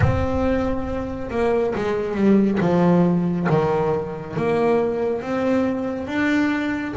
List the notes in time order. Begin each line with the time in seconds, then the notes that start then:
0.00 C4
1.30 A#3
1.75 G#3
2.15 G3
2.60 F3
3.49 D#3
4.36 A#3
5.21 C4
6.07 D4